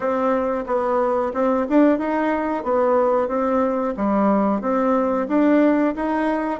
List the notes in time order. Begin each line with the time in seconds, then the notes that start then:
0.00 C4
0.66 B3
1.33 C4
1.69 D4
1.98 D#4
2.63 B3
3.28 C4
3.97 G3
4.61 C4
5.28 D4
5.95 D#4